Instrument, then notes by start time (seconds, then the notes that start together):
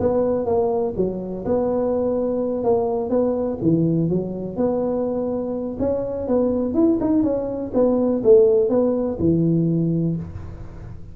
tuba
0.00 B3
0.46 A#3
0.97 F#3
1.46 B3
2.64 A#3
3.10 B3
3.62 E3
4.10 F#3
4.57 B3
5.80 C#4
6.28 B3
6.75 E4
7.01 D#4
7.24 C#4
7.74 B3
8.24 A3
8.70 B3
9.20 E3